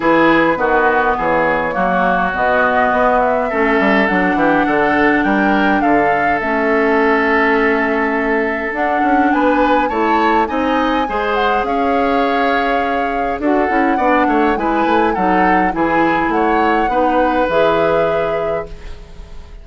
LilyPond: <<
  \new Staff \with { instrumentName = "flute" } { \time 4/4 \tempo 4 = 103 b'2 cis''2 | dis''4. e''4. fis''4~ | fis''4 g''4 f''4 e''4~ | e''2. fis''4 |
gis''4 a''4 gis''4. fis''8 | f''2. fis''4~ | fis''4 gis''4 fis''4 gis''4 | fis''2 e''2 | }
  \new Staff \with { instrumentName = "oboe" } { \time 4/4 gis'4 fis'4 gis'4 fis'4~ | fis'2 a'4. g'8 | a'4 ais'4 a'2~ | a'1 |
b'4 cis''4 dis''4 c''4 | cis''2. a'4 | d''8 cis''8 b'4 a'4 gis'4 | cis''4 b'2. | }
  \new Staff \with { instrumentName = "clarinet" } { \time 4/4 e'4 b2 ais4 | b2 cis'4 d'4~ | d'2. cis'4~ | cis'2. d'4~ |
d'4 e'4 dis'4 gis'4~ | gis'2. fis'8 e'8 | d'4 e'4 dis'4 e'4~ | e'4 dis'4 gis'2 | }
  \new Staff \with { instrumentName = "bassoon" } { \time 4/4 e4 dis4 e4 fis4 | b,4 b4 a8 g8 fis8 e8 | d4 g4 d4 a4~ | a2. d'8 cis'8 |
b4 a4 c'4 gis4 | cis'2. d'8 cis'8 | b8 a8 gis8 a8 fis4 e4 | a4 b4 e2 | }
>>